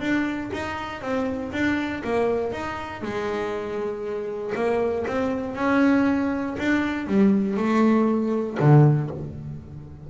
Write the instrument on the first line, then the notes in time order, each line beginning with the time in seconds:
double bass
0.00 D4
0.53 D#4
1.01 C4
1.52 D4
2.04 A#3
2.52 D#4
3.02 G#3
4.55 A#3
5.07 C4
5.56 C#4
6.58 D4
7.07 G3
7.57 A3
8.60 D3